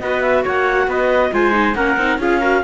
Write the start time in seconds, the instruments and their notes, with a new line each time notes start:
0.00 cello B3, viola F#4, trumpet B4, clarinet D#5
0.22 clarinet E5
0.44 cello A#3, trumpet C#5, clarinet F#5
0.88 cello B3, trumpet B4, clarinet D#5
1.33 cello G#3, viola F4, trumpet C5, clarinet G#5
1.52 viola D#4
1.75 cello A#3, viola C#4, trumpet A#4, clarinet F#5
1.98 cello C4, viola D#4
2.19 cello C#4, viola F4, trumpet G#4, clarinet F5
2.40 viola F#4, trumpet A#4